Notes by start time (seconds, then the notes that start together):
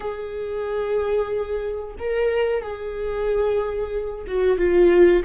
0.00 G#4
1.99 A#4
2.62 G#4
4.27 F#4
4.57 F4